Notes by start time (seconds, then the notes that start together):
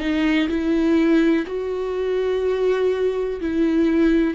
0.00 D#4
0.49 E4
1.47 F#4
3.41 E4